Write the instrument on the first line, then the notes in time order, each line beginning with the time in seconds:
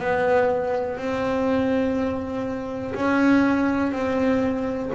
double bass
0.00 B3
0.97 C4
2.95 C#4
3.92 C4